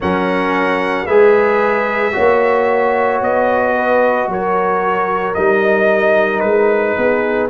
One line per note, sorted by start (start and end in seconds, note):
0.00 1.07 F#3
0.00 1.08 C#4
0.00 1.06 A#4
0.00 1.06 F#5
1.06 2.14 G#3
1.06 2.12 G#4
1.06 2.13 B4
1.06 3.20 E5
2.12 3.20 A#3
2.12 5.33 F#4
2.12 3.74 C#5
3.20 4.27 B3
3.20 4.30 D#5
3.75 4.29 B4
4.27 5.34 F#3
4.27 6.97 A#4
4.27 5.34 C#5
5.34 6.43 G3
5.34 7.50 D#4
5.34 6.40 D#5
6.40 6.96 G#3
6.40 7.47 B4
6.97 7.50 B3
6.97 7.50 G#4